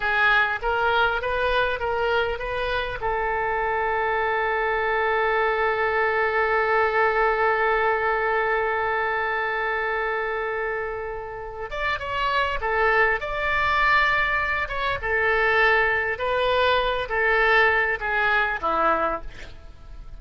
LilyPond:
\new Staff \with { instrumentName = "oboe" } { \time 4/4 \tempo 4 = 100 gis'4 ais'4 b'4 ais'4 | b'4 a'2.~ | a'1~ | a'1~ |
a'2.~ a'8 d''8 | cis''4 a'4 d''2~ | d''8 cis''8 a'2 b'4~ | b'8 a'4. gis'4 e'4 | }